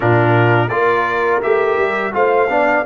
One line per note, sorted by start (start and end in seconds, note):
0.00 0.69 A#2
0.00 0.69 D4
0.00 0.70 F4
0.00 0.68 A#4
0.68 1.41 A#3
0.68 1.42 F4
0.68 2.15 A#4
0.68 1.40 D5
1.42 1.77 A3
1.42 2.12 G4
1.42 2.13 E5
1.77 2.13 G3
2.12 2.49 A3
2.12 2.48 F4
2.12 2.50 C5
2.12 2.85 F5
2.49 2.85 B3
2.49 2.84 D4
2.49 2.85 D5